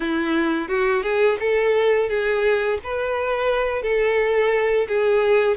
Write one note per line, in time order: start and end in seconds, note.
0.00 0.68 E4
0.68 1.02 F#4
1.02 1.37 G#4
1.40 2.09 A4
2.09 2.78 G#4
2.83 3.82 B4
3.82 4.87 A4
4.87 5.57 G#4